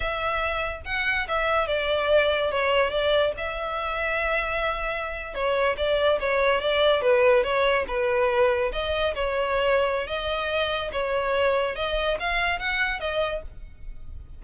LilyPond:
\new Staff \with { instrumentName = "violin" } { \time 4/4 \tempo 4 = 143 e''2 fis''4 e''4 | d''2 cis''4 d''4 | e''1~ | e''8. cis''4 d''4 cis''4 d''16~ |
d''8. b'4 cis''4 b'4~ b'16~ | b'8. dis''4 cis''2~ cis''16 | dis''2 cis''2 | dis''4 f''4 fis''4 dis''4 | }